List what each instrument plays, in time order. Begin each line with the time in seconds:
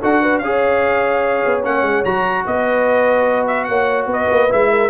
0.00 tuba D4, trombone F#4, horn A4, trumpet F#5
0.20 horn B4
0.38 tuba C#4, trombone G#4, horn C#5, trumpet F5
1.45 tuba B3
1.63 tuba A#3, trombone C#4, trumpet F#5
1.82 tuba G#3
2.04 tuba F#3, trombone F#4, trumpet A#5
2.45 tuba B3, horn B4, trumpet D#5
3.47 trumpet E5
3.64 tuba A#3, horn C#5, trumpet F#5
4.06 tuba B3, horn B4
4.12 trumpet D#5
4.30 tuba A#3
4.49 tuba G#3, trombone E4, trumpet E5
4.71 horn A#4